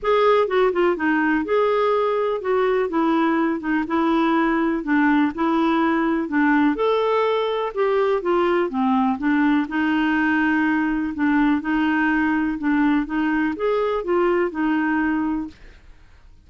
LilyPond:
\new Staff \with { instrumentName = "clarinet" } { \time 4/4 \tempo 4 = 124 gis'4 fis'8 f'8 dis'4 gis'4~ | gis'4 fis'4 e'4. dis'8 | e'2 d'4 e'4~ | e'4 d'4 a'2 |
g'4 f'4 c'4 d'4 | dis'2. d'4 | dis'2 d'4 dis'4 | gis'4 f'4 dis'2 | }